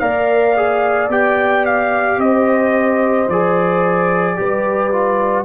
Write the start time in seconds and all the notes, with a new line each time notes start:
0.00 A#3 A#4 D5 F5
0.57 G#4
1.09 B3 G4 G5
1.66 F5
2.18 C4 C5 D#5
3.29 F3 G#4 D5
4.37 G3 G4 B4
4.92 F4